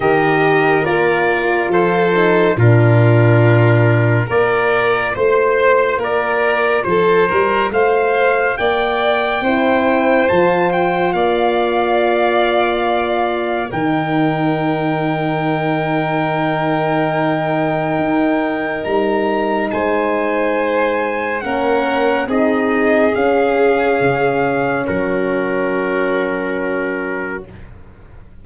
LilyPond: <<
  \new Staff \with { instrumentName = "trumpet" } { \time 4/4 \tempo 4 = 70 dis''4 d''4 c''4 ais'4~ | ais'4 d''4 c''4 d''4 | c''4 f''4 g''2 | a''8 g''8 f''2. |
g''1~ | g''2 ais''4 gis''4~ | gis''4 fis''4 dis''4 f''4~ | f''4 ais'2. | }
  \new Staff \with { instrumentName = "violin" } { \time 4/4 ais'2 a'4 f'4~ | f'4 ais'4 c''4 ais'4 | a'8 ais'8 c''4 d''4 c''4~ | c''4 d''2. |
ais'1~ | ais'2. c''4~ | c''4 ais'4 gis'2~ | gis'4 fis'2. | }
  \new Staff \with { instrumentName = "horn" } { \time 4/4 g'4 f'4. dis'8 d'4~ | d'4 f'2.~ | f'2. e'4 | f'1 |
dis'1~ | dis'1~ | dis'4 cis'4 dis'4 cis'4~ | cis'1 | }
  \new Staff \with { instrumentName = "tuba" } { \time 4/4 dis4 ais4 f4 ais,4~ | ais,4 ais4 a4 ais4 | f8 g8 a4 ais4 c'4 | f4 ais2. |
dis1~ | dis4 dis'4 g4 gis4~ | gis4 ais4 c'4 cis'4 | cis4 fis2. | }
>>